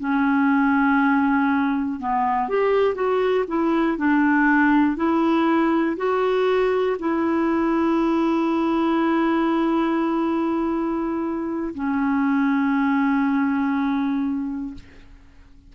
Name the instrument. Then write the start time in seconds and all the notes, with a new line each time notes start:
clarinet
0.00 C#4
2.00 B3
2.49 G4
2.95 F#4
3.48 E4
3.98 D4
4.97 E4
5.97 F#4
7.00 E4
11.75 C#4